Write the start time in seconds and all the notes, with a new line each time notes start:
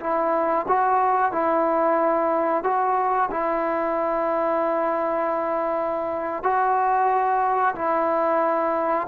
0.00 E4
0.68 F#4
1.32 E4
2.63 F#4
3.31 E4
6.43 F#4
7.75 E4